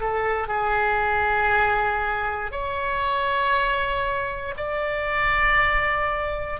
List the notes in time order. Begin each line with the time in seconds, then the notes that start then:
0.00 A4
0.48 G#4
2.51 C#5
4.57 D5